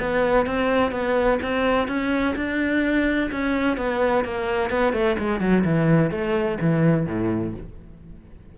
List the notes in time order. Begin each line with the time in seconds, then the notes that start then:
0.00 B3
0.46 C4
0.91 B3
1.42 C4
1.88 C#4
2.36 D4
3.31 C#4
3.77 B3
4.25 A#3
4.70 B3
4.93 A3
5.19 G#3
5.40 F#3
5.65 E3
6.11 A3
6.61 E3
7.06 A2